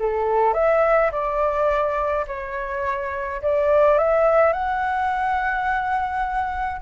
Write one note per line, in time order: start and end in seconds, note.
0.00 0.54 A4
0.54 1.11 E5
1.12 2.26 D5
2.28 3.42 C#5
3.42 3.98 D5
3.98 4.53 E5
4.53 6.82 F#5